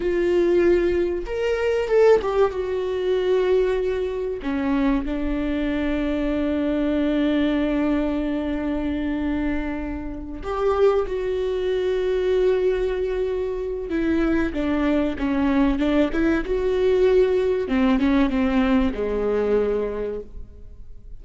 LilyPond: \new Staff \with { instrumentName = "viola" } { \time 4/4 \tempo 4 = 95 f'2 ais'4 a'8 g'8 | fis'2. cis'4 | d'1~ | d'1~ |
d'8 g'4 fis'2~ fis'8~ | fis'2 e'4 d'4 | cis'4 d'8 e'8 fis'2 | c'8 cis'8 c'4 gis2 | }